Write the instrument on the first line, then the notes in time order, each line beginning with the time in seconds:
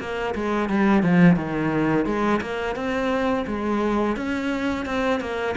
cello
0.00 A#3
0.35 G#3
0.69 G3
1.03 F3
1.36 D#3
2.06 G#3
2.42 A#3
2.76 C4
3.47 G#3
4.17 C#4
4.86 C4
5.21 A#3